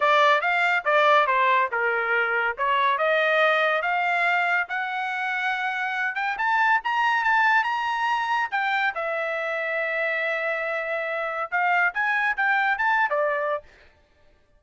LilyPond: \new Staff \with { instrumentName = "trumpet" } { \time 4/4 \tempo 4 = 141 d''4 f''4 d''4 c''4 | ais'2 cis''4 dis''4~ | dis''4 f''2 fis''4~ | fis''2~ fis''8 g''8 a''4 |
ais''4 a''4 ais''2 | g''4 e''2.~ | e''2. f''4 | gis''4 g''4 a''8. d''4~ d''16 | }